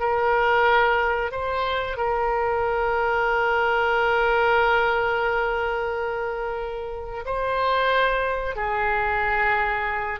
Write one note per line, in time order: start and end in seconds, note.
0.00 1.31 A#4
1.31 1.97 C5
1.97 7.24 A#4
7.26 8.56 C5
8.56 10.20 G#4